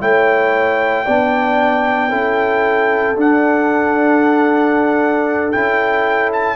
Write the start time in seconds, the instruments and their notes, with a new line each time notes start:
0.00 tuba A3, trombone E4, horn C#5, trumpet G5
1.05 tuba B3, trombone D4, horn D5
2.09 tuba C#4, trombone E4, horn A4
3.16 trombone D4, tuba D4, trumpet F#5
5.51 tuba C#4, trombone E4, trumpet G5
6.32 trumpet A5